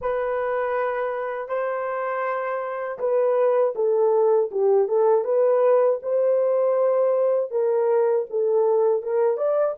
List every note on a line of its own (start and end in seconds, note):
0.01 1.48 B4
1.48 2.98 C5
2.98 3.73 B4
3.75 4.50 A4
4.51 4.88 G4
4.88 5.24 A4
5.24 5.99 B4
6.02 7.50 C5
7.50 8.25 A#4
8.29 9.02 A4
9.02 9.37 A#4
9.37 9.74 D5